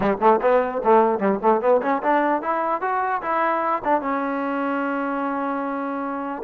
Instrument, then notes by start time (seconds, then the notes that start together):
trombone
0.00 G3
0.20 A3
0.41 B3
0.84 A3
1.19 G3
1.42 A3
1.61 B3
1.82 C#4
2.02 D4
2.41 E4
2.81 F#4
3.21 E4
3.84 D4
4.01 C#4